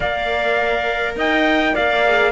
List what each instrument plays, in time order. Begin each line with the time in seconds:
0.00 cello A#3, viola A#4, clarinet D5, trumpet F5
1.15 cello D#4, clarinet D#5, trumpet G5
1.73 cello A#3, clarinet D5, trumpet F5
2.04 viola G#4